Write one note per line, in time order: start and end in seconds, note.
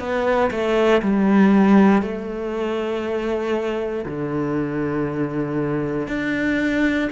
0.00 0.51 B3
0.51 1.02 A3
1.02 2.02 G3
2.02 4.06 A3
4.06 6.08 D3
6.08 7.10 D4